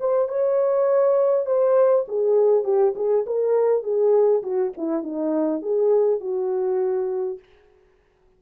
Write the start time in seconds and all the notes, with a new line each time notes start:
0.00 C5
0.28 C#5
1.46 C5
2.08 G#4
2.64 G4
2.95 G#4
3.26 A#4
3.83 G#4
4.43 F#4
4.77 E4
5.03 D#4
5.62 G#4
6.20 F#4